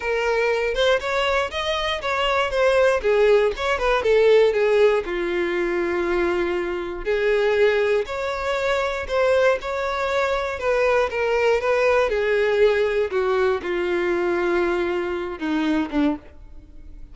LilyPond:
\new Staff \with { instrumentName = "violin" } { \time 4/4 \tempo 4 = 119 ais'4. c''8 cis''4 dis''4 | cis''4 c''4 gis'4 cis''8 b'8 | a'4 gis'4 f'2~ | f'2 gis'2 |
cis''2 c''4 cis''4~ | cis''4 b'4 ais'4 b'4 | gis'2 fis'4 f'4~ | f'2~ f'8 dis'4 d'8 | }